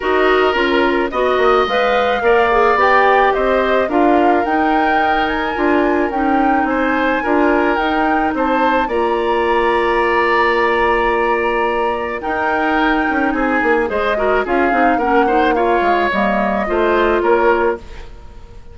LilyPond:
<<
  \new Staff \with { instrumentName = "flute" } { \time 4/4 \tempo 4 = 108 dis''4 ais'4 dis''4 f''4~ | f''4 g''4 dis''4 f''4 | g''4. gis''4. g''4 | gis''2 g''4 a''4 |
ais''1~ | ais''2 g''2 | gis''4 dis''4 f''4 fis''4 | f''4 dis''2 cis''4 | }
  \new Staff \with { instrumentName = "oboe" } { \time 4/4 ais'2 dis''2 | d''2 c''4 ais'4~ | ais'1 | c''4 ais'2 c''4 |
d''1~ | d''2 ais'2 | gis'4 c''8 ais'8 gis'4 ais'8 c''8 | cis''2 c''4 ais'4 | }
  \new Staff \with { instrumentName = "clarinet" } { \time 4/4 fis'4 f'4 fis'4 b'4 | ais'8 gis'8 g'2 f'4 | dis'2 f'4 dis'4~ | dis'4 f'4 dis'2 |
f'1~ | f'2 dis'2~ | dis'4 gis'8 fis'8 f'8 dis'8 cis'8 dis'8 | f'4 ais4 f'2 | }
  \new Staff \with { instrumentName = "bassoon" } { \time 4/4 dis'4 cis'4 b8 ais8 gis4 | ais4 b4 c'4 d'4 | dis'2 d'4 cis'4 | c'4 d'4 dis'4 c'4 |
ais1~ | ais2 dis'4. cis'8 | c'8 ais8 gis4 cis'8 c'8 ais4~ | ais8 gis8 g4 a4 ais4 | }
>>